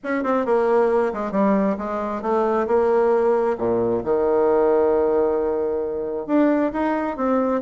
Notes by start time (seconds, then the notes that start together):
0.03 C#4
0.23 C4
0.45 A#3
1.13 G#3
1.31 G3
1.78 G#3
2.22 A3
2.67 A#3
3.57 A#2
4.03 D#3
6.26 D4
6.72 D#4
7.16 C4